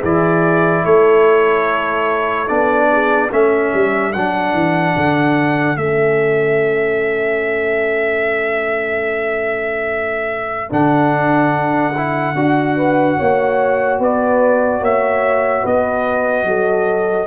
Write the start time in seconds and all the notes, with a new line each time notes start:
0.00 E3 E4 G#4 D5
0.85 A3 A4 C#5
2.48 B3 D4 D5
2.91 G#4
3.31 A3 C#4 A4 E5
3.74 G3
4.13 F#3 D4 F#5
4.54 E3
4.97 D3
5.77 A3 C#4 E5
10.70 D3 D4 F#5
11.97 E4
12.35 D4 F#4
12.76 B4
13.17 A#3 C#5
13.99 B3 B4 D5
14.80 A#3 C#5 E5
15.63 B3 B4 D#5
16.44 F#3 A4